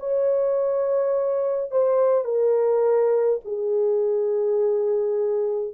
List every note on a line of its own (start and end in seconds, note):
0.00 1.72 C#5
1.72 2.24 C5
2.24 3.40 A#4
3.45 5.74 G#4